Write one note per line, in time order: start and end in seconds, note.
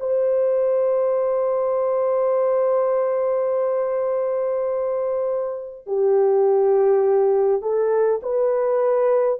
0.00 5.87 C5
5.87 7.62 G4
7.62 8.21 A4
8.22 9.40 B4